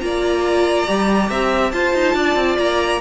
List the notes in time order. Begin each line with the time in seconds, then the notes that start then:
0.00 A#3 F4 D5 A#5
0.86 G3 G4
1.29 C4 E5
1.70 F4 C5 A5
1.93 D#4
2.14 D4 D5
2.35 C4
2.58 A#3 A#5